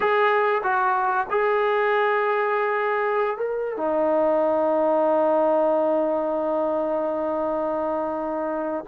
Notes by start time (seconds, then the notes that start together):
0.00 G#4
0.63 F#4
1.30 G#4
3.37 A#4
3.77 D#4